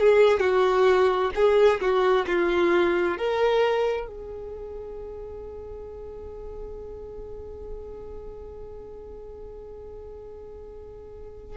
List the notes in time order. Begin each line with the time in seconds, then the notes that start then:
0.00 G#4
0.40 F#4
1.35 G#4
1.81 F#4
2.27 F4
3.18 A#4
4.07 G#4